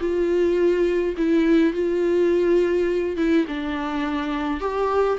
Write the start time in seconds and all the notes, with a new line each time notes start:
0.00 F4
1.17 E4
1.73 F4
3.17 E4
3.48 D4
4.60 G4